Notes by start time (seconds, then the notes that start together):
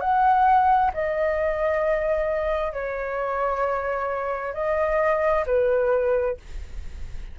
0.00 F#5
0.93 D#5
2.72 C#5
4.53 D#5
5.46 B4